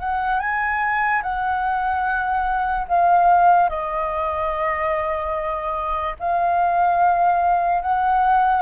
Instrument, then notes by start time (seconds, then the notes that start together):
flute
0.00 F#5
0.40 G#5
1.23 F#5
2.88 F5
3.70 D#5
6.20 F5
7.83 F#5